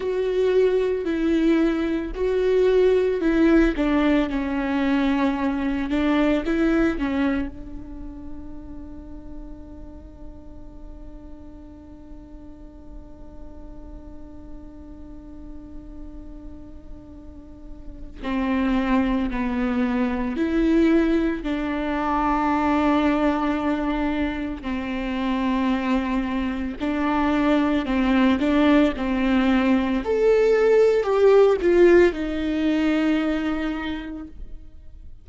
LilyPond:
\new Staff \with { instrumentName = "viola" } { \time 4/4 \tempo 4 = 56 fis'4 e'4 fis'4 e'8 d'8 | cis'4. d'8 e'8 cis'8 d'4~ | d'1~ | d'1~ |
d'4 c'4 b4 e'4 | d'2. c'4~ | c'4 d'4 c'8 d'8 c'4 | a'4 g'8 f'8 dis'2 | }